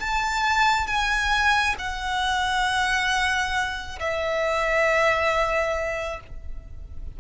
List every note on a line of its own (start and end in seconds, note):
0.00 0.87 A5
0.87 1.76 G#5
1.79 3.99 F#5
4.00 6.21 E5